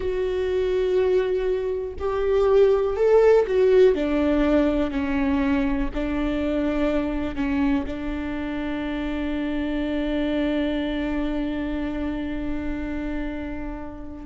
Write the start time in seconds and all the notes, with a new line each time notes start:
0.00 F#4
1.99 G4
2.96 A4
3.47 F#4
3.94 D4
4.90 C#4
5.94 D4
7.35 C#4
7.86 D4